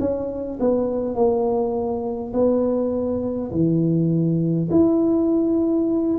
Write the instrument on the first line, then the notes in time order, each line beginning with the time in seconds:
tuba
0.00 C#4
0.60 B3
1.15 A#3
2.34 B3
3.51 E3
4.71 E4